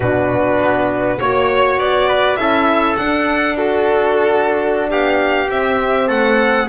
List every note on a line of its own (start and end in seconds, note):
0.00 0.59 B2
0.00 1.19 D4
0.00 1.18 F#4
0.00 1.19 B4
0.59 1.19 B3
1.19 1.76 A#3
1.19 2.37 F#4
1.19 1.78 C#5
1.19 2.08 C#5
1.76 2.36 B3
1.76 2.36 D5
2.08 2.38 B4
2.36 2.96 C#4
2.36 2.97 E4
2.36 3.57 A4
2.36 2.95 E5
2.96 4.91 D4
2.96 5.49 D4
2.96 3.55 F#5
3.55 4.90 F#4
3.55 4.89 A4
4.90 5.50 B3
4.90 6.07 G4
4.90 5.50 F5
5.49 6.67 C4
5.49 6.09 C4
5.49 6.09 E5
6.07 6.68 A3
6.07 6.66 A4
6.07 6.68 F#5